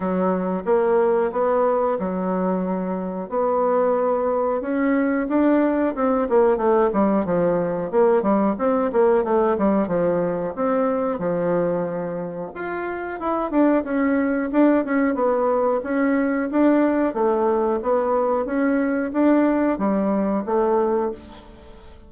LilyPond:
\new Staff \with { instrumentName = "bassoon" } { \time 4/4 \tempo 4 = 91 fis4 ais4 b4 fis4~ | fis4 b2 cis'4 | d'4 c'8 ais8 a8 g8 f4 | ais8 g8 c'8 ais8 a8 g8 f4 |
c'4 f2 f'4 | e'8 d'8 cis'4 d'8 cis'8 b4 | cis'4 d'4 a4 b4 | cis'4 d'4 g4 a4 | }